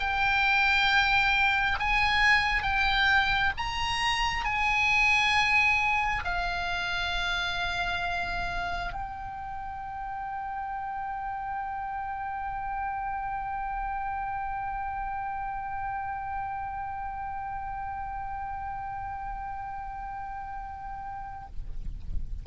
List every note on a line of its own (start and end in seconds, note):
0.00 1.79 G5
1.80 2.63 G#5
2.63 3.52 G5
3.57 4.45 A#5
4.45 6.24 G#5
6.25 8.93 F5
8.93 21.47 G5